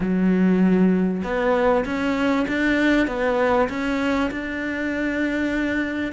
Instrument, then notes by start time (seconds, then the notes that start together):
cello
0.00 F#3
1.23 B3
1.85 C#4
2.47 D4
3.07 B3
3.69 C#4
4.30 D4